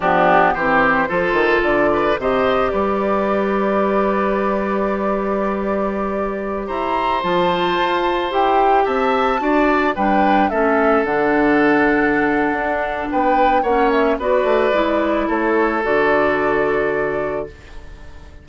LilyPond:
<<
  \new Staff \with { instrumentName = "flute" } { \time 4/4 \tempo 4 = 110 g'4 c''2 d''4 | dis''4 d''2.~ | d''1~ | d''16 ais''4 a''2 g''8.~ |
g''16 a''2 g''4 e''8.~ | e''16 fis''2.~ fis''8. | g''4 fis''8 e''8 d''2 | cis''4 d''2. | }
  \new Staff \with { instrumentName = "oboe" } { \time 4/4 d'4 g'4 a'4. b'8 | c''4 b'2.~ | b'1~ | b'16 c''2.~ c''8.~ |
c''16 e''4 d''4 b'4 a'8.~ | a'1 | b'4 cis''4 b'2 | a'1 | }
  \new Staff \with { instrumentName = "clarinet" } { \time 4/4 b4 c'4 f'2 | g'1~ | g'1~ | g'4~ g'16 f'2 g'8.~ |
g'4~ g'16 fis'4 d'4 cis'8.~ | cis'16 d'2.~ d'8.~ | d'4 cis'4 fis'4 e'4~ | e'4 fis'2. | }
  \new Staff \with { instrumentName = "bassoon" } { \time 4/4 f4 e4 f8 dis8 d4 | c4 g2.~ | g1~ | g16 e'4 f4 f'4 e'8.~ |
e'16 c'4 d'4 g4 a8.~ | a16 d2~ d8. d'4 | b4 ais4 b8 a8 gis4 | a4 d2. | }
>>